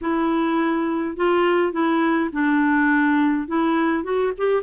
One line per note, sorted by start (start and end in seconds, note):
0.01 1.16 E4
1.16 1.72 F4
1.72 2.29 E4
2.32 3.47 D4
3.47 4.03 E4
4.03 4.32 F#4
4.37 4.62 G4